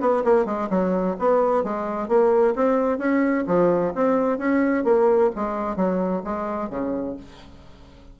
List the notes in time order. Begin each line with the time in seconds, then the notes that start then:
0.00 B3
0.24 A#3
0.45 G#3
0.70 F#3
1.19 B3
1.63 G#3
2.08 A#3
2.55 C4
2.98 C#4
3.47 F3
3.95 C4
4.38 C#4
4.84 A#3
5.35 G#3
5.76 F#3
6.24 G#3
6.70 C#3